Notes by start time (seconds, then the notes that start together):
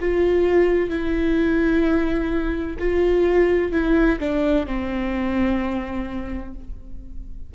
0.00 F4
0.90 E4
2.79 F4
3.72 E4
4.20 D4
4.67 C4